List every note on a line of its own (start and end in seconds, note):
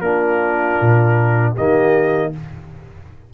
0.00 0.76 A#3
0.00 1.56 D4
0.00 1.54 F4
0.00 1.53 A#4
0.81 1.57 A#2
1.54 2.34 D#3
1.54 2.33 A#3
1.54 2.30 G4
1.54 2.33 D#5